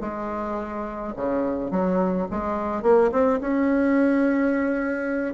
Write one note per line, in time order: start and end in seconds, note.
0.00 1.13 G#3
1.16 1.70 C#3
1.70 2.27 F#3
2.31 2.82 G#3
2.82 3.10 A#3
3.11 3.39 C4
3.41 5.34 C#4